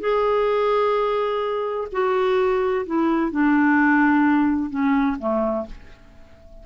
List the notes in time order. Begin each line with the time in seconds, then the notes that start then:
0.00 G#4
1.92 F#4
2.86 E4
3.31 D4
4.70 C#4
5.19 A3